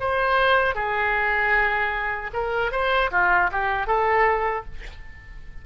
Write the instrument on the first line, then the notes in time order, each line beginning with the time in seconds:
oboe
0.00 C5
0.75 G#4
2.33 A#4
2.72 C5
3.12 F4
3.52 G4
3.87 A4